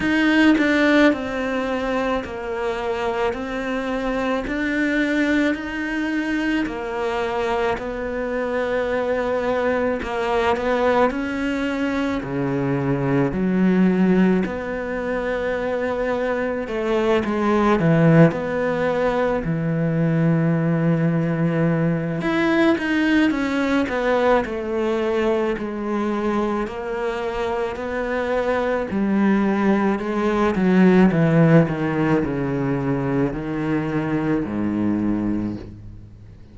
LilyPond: \new Staff \with { instrumentName = "cello" } { \time 4/4 \tempo 4 = 54 dis'8 d'8 c'4 ais4 c'4 | d'4 dis'4 ais4 b4~ | b4 ais8 b8 cis'4 cis4 | fis4 b2 a8 gis8 |
e8 b4 e2~ e8 | e'8 dis'8 cis'8 b8 a4 gis4 | ais4 b4 g4 gis8 fis8 | e8 dis8 cis4 dis4 gis,4 | }